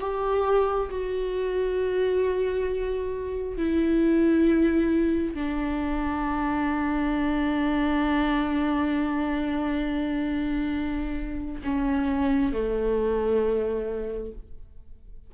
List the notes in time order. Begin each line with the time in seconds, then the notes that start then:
0.00 G4
0.90 F#4
3.57 E4
5.34 D4
11.63 C#4
12.52 A3